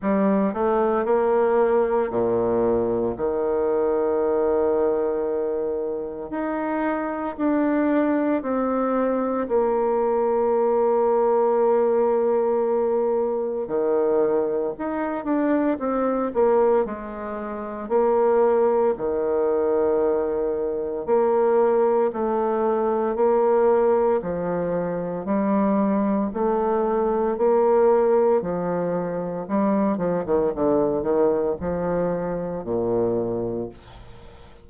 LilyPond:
\new Staff \with { instrumentName = "bassoon" } { \time 4/4 \tempo 4 = 57 g8 a8 ais4 ais,4 dis4~ | dis2 dis'4 d'4 | c'4 ais2.~ | ais4 dis4 dis'8 d'8 c'8 ais8 |
gis4 ais4 dis2 | ais4 a4 ais4 f4 | g4 a4 ais4 f4 | g8 f16 dis16 d8 dis8 f4 ais,4 | }